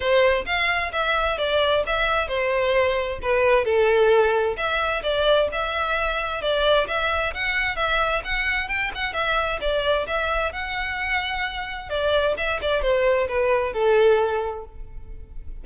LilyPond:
\new Staff \with { instrumentName = "violin" } { \time 4/4 \tempo 4 = 131 c''4 f''4 e''4 d''4 | e''4 c''2 b'4 | a'2 e''4 d''4 | e''2 d''4 e''4 |
fis''4 e''4 fis''4 g''8 fis''8 | e''4 d''4 e''4 fis''4~ | fis''2 d''4 e''8 d''8 | c''4 b'4 a'2 | }